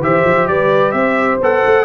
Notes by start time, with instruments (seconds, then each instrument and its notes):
0.00 tuba E3, trombone G4, horn C5, trumpet E5
0.25 tuba F3
0.48 tuba G3, horn B4, trumpet D5
0.92 tuba C4, horn C5, trumpet E5
1.41 tuba B3, trombone A4, trumpet F#5
1.66 tuba A3